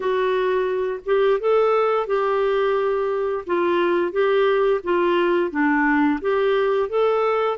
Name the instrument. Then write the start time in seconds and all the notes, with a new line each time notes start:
clarinet
0.00 F#4
1.05 G4
1.39 A4
2.07 G4
3.46 F4
4.12 G4
4.83 F4
5.50 D4
6.21 G4
6.89 A4